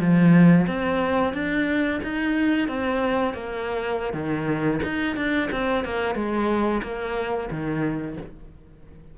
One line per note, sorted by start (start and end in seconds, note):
0.00 0.67 F3
0.67 1.34 C4
1.34 2.00 D4
2.04 2.68 D#4
2.68 3.34 C4
3.34 4.14 A#3
4.14 4.80 D#3
4.83 5.16 D#4
5.16 5.50 D4
5.52 5.85 C4
5.85 6.15 A#3
6.15 6.82 G#3
6.83 7.49 A#3
7.51 8.17 D#3